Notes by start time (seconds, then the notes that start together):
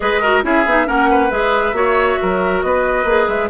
0.00 G#3 G#4 B4 D#5
0.21 F#4 A#4
0.42 C#4 E4 G#4 E5
0.65 B3 D#4
0.85 A#3 C#4 A#4 F#5
1.10 B4
1.30 G#3 G#4 E5
1.72 A#3 F#4 C#5
2.21 F#3 A#4
2.62 B3 B4 D#5
3.04 A#3 G#4
3.27 G#3 E5